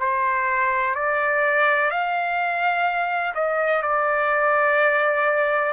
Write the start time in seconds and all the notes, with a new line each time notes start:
0.00 C5
0.96 D5
1.91 F5
3.35 D#5
3.83 D5